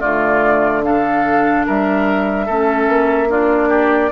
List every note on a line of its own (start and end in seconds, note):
0.00 1.67 D3
0.00 0.83 A3
0.00 0.82 F4
0.00 0.83 D5
0.83 2.47 D4
0.83 1.66 A4
0.83 1.66 F5
1.66 2.48 G3
1.66 2.46 A#4
1.66 3.32 E5
2.46 2.88 A3
2.46 3.29 C#4
2.46 3.28 A4
2.88 4.12 A#3
3.29 4.11 D4
3.29 3.69 F4
3.29 4.12 D5
3.69 4.10 G4